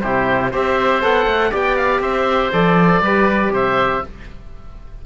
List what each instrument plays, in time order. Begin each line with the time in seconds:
0.00 cello C3, trombone E4, oboe G4 C5
0.51 cello C4, trombone G4, oboe C5 E5
1.01 cello B3, trombone A4, oboe F#5
1.26 cello A3
1.51 cello B3, trombone G4, oboe D5 G5
1.76 oboe F5
1.99 cello C4, oboe C5 E5
2.52 cello F3, trombone A4, oboe D5
3.00 cello G3, trombone G4, oboe B4
3.49 cello C3, oboe C5 E5